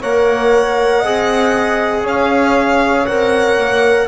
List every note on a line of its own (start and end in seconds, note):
0.00 1.03 A#3
0.00 1.04 A#4
0.00 0.99 C#5
0.00 2.06 F#5
0.99 2.04 C4
0.99 3.07 G#4
0.99 2.00 D#5
2.03 3.06 C#4
2.03 4.06 C#5
2.03 3.06 F5
3.06 3.57 C4
3.06 4.08 A#4
3.06 4.07 F#5
3.57 4.08 A#3